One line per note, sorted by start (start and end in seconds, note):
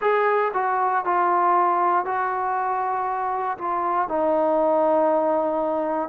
0.01 0.52 G#4
0.53 1.04 F#4
1.04 2.05 F4
2.05 3.57 F#4
3.58 4.08 F4
4.08 6.08 D#4